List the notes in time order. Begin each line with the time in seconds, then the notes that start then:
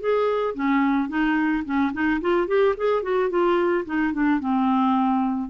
0.00 G#4
0.55 C#4
1.08 D#4
1.65 C#4
1.93 D#4
2.21 F4
2.47 G4
2.77 G#4
3.02 F#4
3.30 F4
3.85 D#4
4.13 D4
4.39 C4